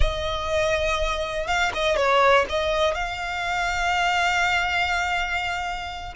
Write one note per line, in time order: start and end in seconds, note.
0.00 1.47 D#5
1.47 1.71 F5
1.73 1.96 D#5
1.96 2.45 C#5
2.49 2.94 D#5
2.94 6.14 F5